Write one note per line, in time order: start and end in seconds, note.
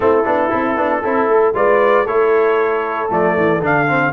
0.00 0.25 A3
0.00 0.23 C4
0.00 1.01 E4
0.00 1.55 A4
0.25 0.52 B3
0.25 0.50 D4
0.50 0.76 C4
0.50 0.75 E4
0.76 1.02 B3
0.76 1.03 D4
1.01 1.27 C4
1.01 1.54 E4
1.01 1.53 A4
1.27 1.53 A3
1.54 2.06 G#3
1.54 2.05 F4
1.54 2.05 B4
1.54 2.06 D5
2.05 3.09 A3
2.05 3.08 E4
2.05 4.12 A4
2.05 3.10 C#5
3.08 3.36 F3
3.08 3.60 A3
3.08 3.63 D5
3.37 3.60 E3
3.60 4.12 D3
3.60 3.87 D4
3.60 4.12 F5
3.87 4.12 C4